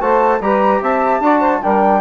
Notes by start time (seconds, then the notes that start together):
0.00 A3 F#4 C5 A5
0.40 G3 G4 B4 A#5
0.81 C4 E5 A5
1.20 D4 F#4 D5
1.39 C5
1.62 G3 D4 A#4 G5